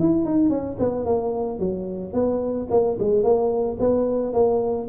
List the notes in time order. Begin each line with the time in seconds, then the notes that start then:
0.00 E4
0.26 D#4
0.50 C#4
0.80 B3
1.06 A#3
1.59 F#3
2.13 B3
2.71 A#3
3.00 G#3
3.24 A#3
3.80 B3
4.34 A#3